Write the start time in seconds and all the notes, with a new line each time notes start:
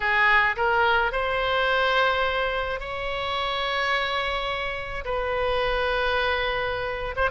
0.00 G#4
0.56 A#4
1.12 C5
2.80 C#5
5.04 B4
7.16 C5